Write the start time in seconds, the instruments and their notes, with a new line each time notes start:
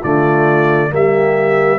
0.00 tuba D3, trombone A3, horn F4, trumpet D5
0.90 tuba G3, trombone A#3, horn G4, trumpet E5